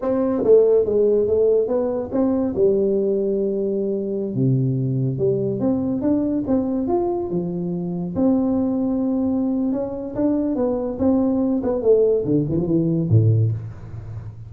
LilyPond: \new Staff \with { instrumentName = "tuba" } { \time 4/4 \tempo 4 = 142 c'4 a4 gis4 a4 | b4 c'4 g2~ | g2~ g16 c4.~ c16~ | c16 g4 c'4 d'4 c'8.~ |
c'16 f'4 f2 c'8.~ | c'2. cis'4 | d'4 b4 c'4. b8 | a4 d8 e16 f16 e4 a,4 | }